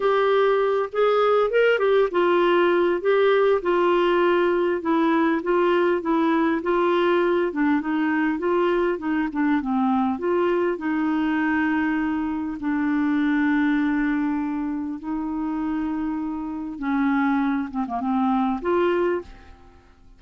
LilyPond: \new Staff \with { instrumentName = "clarinet" } { \time 4/4 \tempo 4 = 100 g'4. gis'4 ais'8 g'8 f'8~ | f'4 g'4 f'2 | e'4 f'4 e'4 f'4~ | f'8 d'8 dis'4 f'4 dis'8 d'8 |
c'4 f'4 dis'2~ | dis'4 d'2.~ | d'4 dis'2. | cis'4. c'16 ais16 c'4 f'4 | }